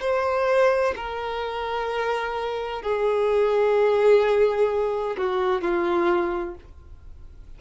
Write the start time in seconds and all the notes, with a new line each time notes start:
0.00 C5
0.96 A#4
2.82 G#4
5.17 F#4
5.61 F4